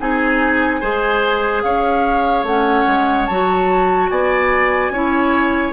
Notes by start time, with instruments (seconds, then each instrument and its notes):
0.00 bassoon C4, clarinet D#4, oboe G#4, flute G#5
0.80 bassoon G#3, clarinet G#4, oboe C5
1.63 bassoon C#4, oboe C#5, flute F5
2.43 bassoon A3, clarinet C#4, flute F#5
2.87 bassoon G#3
3.26 bassoon F#3, clarinet F#4, flute A5
4.10 bassoon B3, oboe D5, flute G#5
4.90 bassoon C#4, clarinet E4, oboe C#5